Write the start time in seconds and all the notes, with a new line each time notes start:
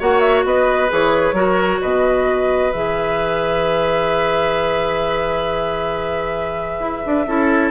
0.00 A#3 F#4 C#5 F#5
0.20 E5
0.45 B3 B4 D#5
0.89 E3 G#4 C#5
1.33 F#3 F#4 A#4
1.81 B2 B4 D#5
2.72 E3 G#4 E5
6.80 E4
7.07 D4
7.27 C#4 E4 A4